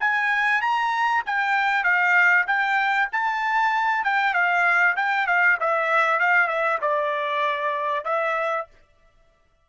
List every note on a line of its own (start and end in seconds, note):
0.00 0.61 G#5
0.61 1.23 A#5
1.26 1.84 G5
1.84 2.45 F5
2.47 3.09 G5
3.12 4.04 A5
4.04 4.34 G5
4.34 4.95 F5
4.96 5.27 G5
5.27 5.58 F5
5.60 6.19 E5
6.19 6.48 F5
6.48 6.78 E5
6.81 8.05 D5
8.05 8.67 E5